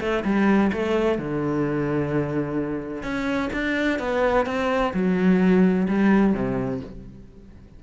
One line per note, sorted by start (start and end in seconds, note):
0.00 0.23 A3
0.24 0.71 G3
0.72 1.18 A3
1.18 3.03 D3
3.03 3.50 C#4
3.53 3.99 D4
3.99 4.46 B3
4.46 4.93 C4
4.93 5.87 F#3
5.88 6.34 G3
6.34 6.81 C3